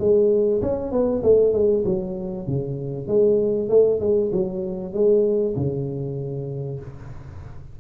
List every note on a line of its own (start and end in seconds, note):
0.00 0.62 G#3
0.62 0.92 C#4
0.92 1.23 B3
1.24 1.54 A3
1.54 1.84 G#3
1.86 2.47 F#3
2.47 3.08 C#3
3.08 3.70 G#3
3.70 4.01 A3
4.01 4.32 G#3
4.33 4.94 F#3
4.94 5.56 G#3
5.57 6.80 C#3